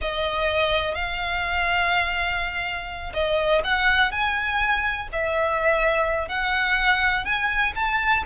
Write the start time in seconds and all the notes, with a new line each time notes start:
0.01 D#5
0.95 F5
3.13 D#5
3.64 F#5
4.11 G#5
5.12 E5
6.28 F#5
7.24 G#5
7.75 A5